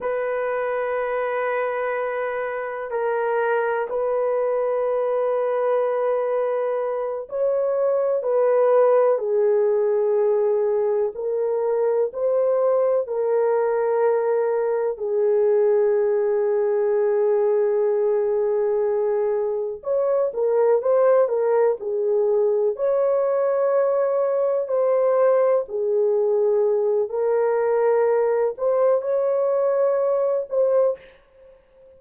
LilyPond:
\new Staff \with { instrumentName = "horn" } { \time 4/4 \tempo 4 = 62 b'2. ais'4 | b'2.~ b'8 cis''8~ | cis''8 b'4 gis'2 ais'8~ | ais'8 c''4 ais'2 gis'8~ |
gis'1~ | gis'8 cis''8 ais'8 c''8 ais'8 gis'4 cis''8~ | cis''4. c''4 gis'4. | ais'4. c''8 cis''4. c''8 | }